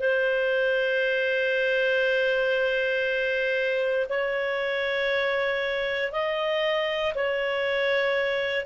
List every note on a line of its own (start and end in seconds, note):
0.00 4.07 C5
4.09 6.12 C#5
6.12 7.14 D#5
7.15 8.66 C#5